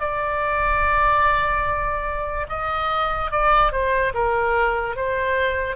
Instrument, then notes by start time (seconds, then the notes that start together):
oboe
0.00 D5
2.49 D#5
3.31 D5
3.72 C5
4.14 A#4
4.96 C5